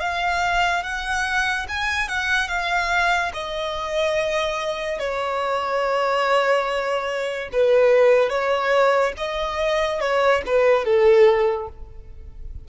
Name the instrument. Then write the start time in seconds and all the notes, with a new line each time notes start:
violin
0.00 F5
0.83 F#5
1.69 G#5
2.09 F#5
2.48 F5
3.34 D#5
4.99 C#5
7.52 B4
8.30 C#5
9.17 D#5
10.00 C#5
10.46 B4
10.85 A4